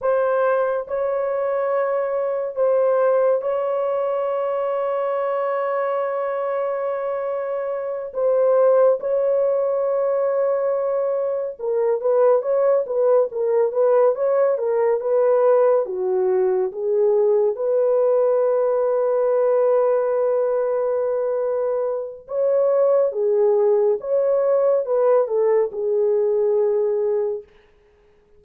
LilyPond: \new Staff \with { instrumentName = "horn" } { \time 4/4 \tempo 4 = 70 c''4 cis''2 c''4 | cis''1~ | cis''4. c''4 cis''4.~ | cis''4. ais'8 b'8 cis''8 b'8 ais'8 |
b'8 cis''8 ais'8 b'4 fis'4 gis'8~ | gis'8 b'2.~ b'8~ | b'2 cis''4 gis'4 | cis''4 b'8 a'8 gis'2 | }